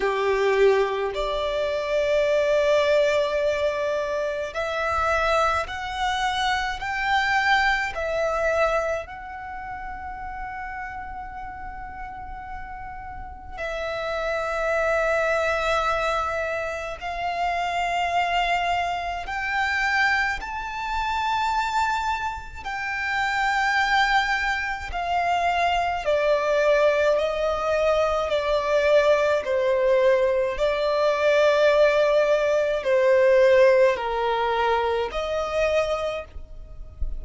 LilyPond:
\new Staff \with { instrumentName = "violin" } { \time 4/4 \tempo 4 = 53 g'4 d''2. | e''4 fis''4 g''4 e''4 | fis''1 | e''2. f''4~ |
f''4 g''4 a''2 | g''2 f''4 d''4 | dis''4 d''4 c''4 d''4~ | d''4 c''4 ais'4 dis''4 | }